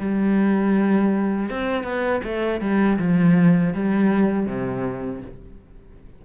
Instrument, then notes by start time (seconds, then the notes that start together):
cello
0.00 G3
1.50 C4
1.83 B3
2.24 A3
2.60 G3
2.99 F3
3.74 G3
4.46 C3